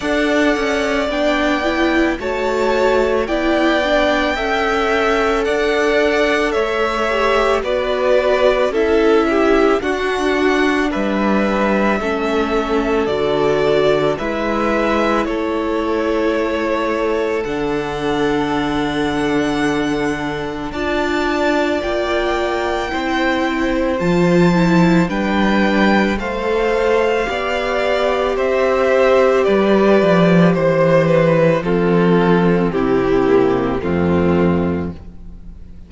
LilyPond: <<
  \new Staff \with { instrumentName = "violin" } { \time 4/4 \tempo 4 = 55 fis''4 g''4 a''4 g''4~ | g''4 fis''4 e''4 d''4 | e''4 fis''4 e''2 | d''4 e''4 cis''2 |
fis''2. a''4 | g''2 a''4 g''4 | f''2 e''4 d''4 | c''8 b'8 a'4 g'4 f'4 | }
  \new Staff \with { instrumentName = "violin" } { \time 4/4 d''2 cis''4 d''4 | e''4 d''4 cis''4 b'4 | a'8 g'8 fis'4 b'4 a'4~ | a'4 b'4 a'2~ |
a'2. d''4~ | d''4 c''2 b'4 | c''4 d''4 c''4 b'4 | c''4 f'4 e'4 c'4 | }
  \new Staff \with { instrumentName = "viola" } { \time 4/4 a'4 d'8 e'8 fis'4 e'8 d'8 | a'2~ a'8 g'8 fis'4 | e'4 d'2 cis'4 | fis'4 e'2. |
d'2. f'4~ | f'4 e'4 f'8 e'8 d'4 | a'4 g'2.~ | g'4 c'4. ais8 a4 | }
  \new Staff \with { instrumentName = "cello" } { \time 4/4 d'8 cis'8 b4 a4 b4 | cis'4 d'4 a4 b4 | cis'4 d'4 g4 a4 | d4 gis4 a2 |
d2. d'4 | ais4 c'4 f4 g4 | a4 b4 c'4 g8 f8 | e4 f4 c4 f,4 | }
>>